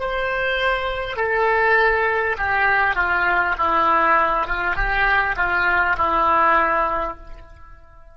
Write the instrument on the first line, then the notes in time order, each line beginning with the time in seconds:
oboe
0.00 C5
1.17 A4
2.38 G4
2.96 F4
3.58 E4
4.47 F4
4.76 G4
5.37 F4
5.97 E4